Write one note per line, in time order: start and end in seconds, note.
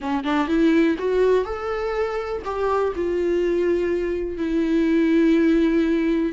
0.00 0.24 C#4
0.24 0.47 D4
0.47 0.96 E4
0.98 1.44 F#4
1.44 2.42 A4
2.44 2.93 G4
2.95 4.37 F4
4.37 6.32 E4